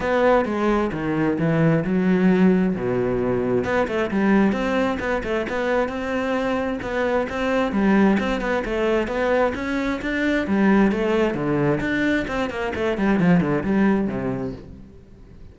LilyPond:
\new Staff \with { instrumentName = "cello" } { \time 4/4 \tempo 4 = 132 b4 gis4 dis4 e4 | fis2 b,2 | b8 a8 g4 c'4 b8 a8 | b4 c'2 b4 |
c'4 g4 c'8 b8 a4 | b4 cis'4 d'4 g4 | a4 d4 d'4 c'8 ais8 | a8 g8 f8 d8 g4 c4 | }